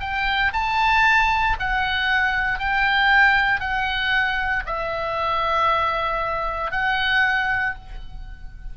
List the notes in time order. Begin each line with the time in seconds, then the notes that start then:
0.00 G5
0.53 A5
1.59 F#5
2.59 G5
3.60 F#5
4.66 E5
6.71 F#5